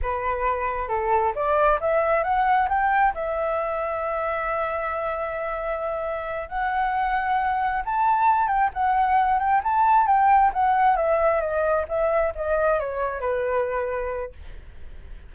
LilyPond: \new Staff \with { instrumentName = "flute" } { \time 4/4 \tempo 4 = 134 b'2 a'4 d''4 | e''4 fis''4 g''4 e''4~ | e''1~ | e''2~ e''8 fis''4.~ |
fis''4. a''4. g''8 fis''8~ | fis''4 g''8 a''4 g''4 fis''8~ | fis''8 e''4 dis''4 e''4 dis''8~ | dis''8 cis''4 b'2~ b'8 | }